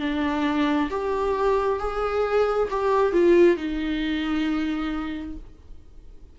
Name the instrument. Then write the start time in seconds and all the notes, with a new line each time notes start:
viola
0.00 D4
0.90 G4
1.80 G#4
2.70 G4
3.13 F4
3.57 D#4